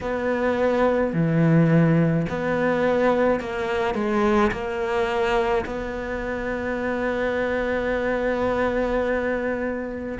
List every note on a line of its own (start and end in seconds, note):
0.00 1.13 B3
1.13 2.26 E3
2.29 3.40 B3
3.40 3.94 A#3
3.94 4.51 G#3
4.51 5.64 A#3
5.66 10.18 B3